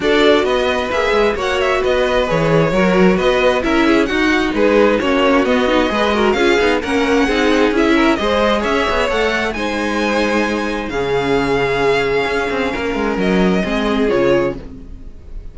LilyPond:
<<
  \new Staff \with { instrumentName = "violin" } { \time 4/4 \tempo 4 = 132 d''4 dis''4 e''4 fis''8 e''8 | dis''4 cis''2 dis''4 | e''4 fis''4 b'4 cis''4 | dis''2 f''4 fis''4~ |
fis''4 e''4 dis''4 e''4 | fis''4 gis''2. | f''1~ | f''4 dis''2 cis''4 | }
  \new Staff \with { instrumentName = "violin" } { \time 4/4 a'4 b'2 cis''4 | b'2 ais'4 b'4 | ais'8 gis'8 fis'4 gis'4 fis'4~ | fis'4 b'8 ais'8 gis'4 ais'4 |
gis'4. ais'8 c''4 cis''4~ | cis''4 c''2. | gis'1 | ais'2 gis'2 | }
  \new Staff \with { instrumentName = "viola" } { \time 4/4 fis'2 gis'4 fis'4~ | fis'4 gis'4 fis'2 | e'4 dis'2 cis'4 | b8 dis'8 gis'8 fis'8 f'8 dis'8 cis'4 |
dis'4 e'4 gis'2 | a'4 dis'2. | cis'1~ | cis'2 c'4 f'4 | }
  \new Staff \with { instrumentName = "cello" } { \time 4/4 d'4 b4 ais8 gis8 ais4 | b4 e4 fis4 b4 | cis'4 dis'4 gis4 ais4 | b4 gis4 cis'8 b8 ais4 |
c'4 cis'4 gis4 cis'8 b8 | a4 gis2. | cis2. cis'8 c'8 | ais8 gis8 fis4 gis4 cis4 | }
>>